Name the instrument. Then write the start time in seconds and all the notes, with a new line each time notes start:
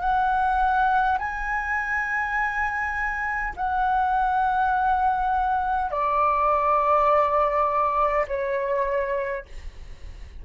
flute
0.00 F#5
1.18 G#5
3.56 F#5
5.90 D5
8.27 C#5